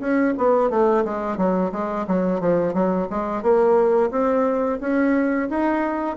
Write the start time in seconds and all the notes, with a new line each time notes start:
0.00 C#4
0.37 B3
0.70 A3
1.04 G#3
1.37 F#3
1.72 G#3
2.07 F#3
2.40 F3
2.74 F#3
3.10 G#3
3.42 A#3
4.11 C4
4.80 C#4
5.49 D#4